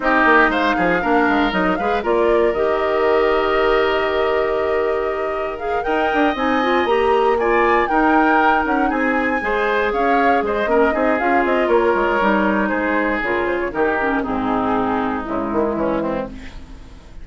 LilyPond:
<<
  \new Staff \with { instrumentName = "flute" } { \time 4/4 \tempo 4 = 118 dis''4 f''2 dis''8 f''8 | d''4 dis''2.~ | dis''2. f''8 g''8~ | g''8 gis''4 ais''4 gis''4 g''8~ |
g''4 fis''8 gis''2 f''8~ | f''8 dis''4. f''8 dis''8 cis''4~ | cis''4 c''4 ais'8 c''16 cis''16 ais'4 | gis'2 e'2 | }
  \new Staff \with { instrumentName = "oboe" } { \time 4/4 g'4 c''8 gis'8 ais'4. b'8 | ais'1~ | ais'2.~ ais'8 dis''8~ | dis''2~ dis''8 d''4 ais'8~ |
ais'4. gis'4 c''4 cis''8~ | cis''8 c''8 ais'8 gis'4. ais'4~ | ais'4 gis'2 g'4 | dis'2. cis'8 c'8 | }
  \new Staff \with { instrumentName = "clarinet" } { \time 4/4 dis'2 d'4 dis'8 gis'8 | f'4 g'2.~ | g'2. gis'8 ais'8~ | ais'8 dis'8 f'8 g'4 f'4 dis'8~ |
dis'2~ dis'8 gis'4.~ | gis'4 cis'8 dis'8 f'2 | dis'2 f'4 dis'8 cis'8 | c'2 gis2 | }
  \new Staff \with { instrumentName = "bassoon" } { \time 4/4 c'8 ais8 gis8 f8 ais8 gis8 fis8 gis8 | ais4 dis2.~ | dis2.~ dis8 dis'8 | d'8 c'4 ais2 dis'8~ |
dis'4 cis'8 c'4 gis4 cis'8~ | cis'8 gis8 ais8 c'8 cis'8 c'8 ais8 gis8 | g4 gis4 cis4 dis4 | gis,2 cis8 dis8 e4 | }
>>